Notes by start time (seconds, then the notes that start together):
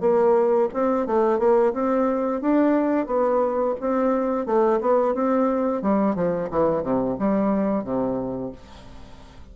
0.00 A#3
0.73 C4
1.06 A3
1.39 A#3
1.73 C4
2.41 D4
3.07 B3
3.80 C4
4.46 A3
4.81 B3
5.14 C4
5.82 G3
6.15 F3
6.50 E3
6.83 C3
7.19 G3
7.84 C3